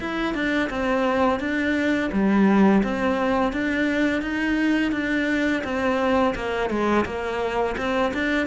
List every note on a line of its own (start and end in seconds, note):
0.00 0.35 E4
0.35 0.70 D4
0.70 1.40 C4
1.40 2.11 D4
2.13 2.83 G3
2.84 3.53 C4
3.53 4.22 D4
4.22 4.92 D#4
4.92 5.63 D4
5.64 6.35 C4
6.35 6.70 A#3
6.70 7.06 G#3
7.06 7.76 A#3
7.78 8.13 C4
8.14 8.47 D4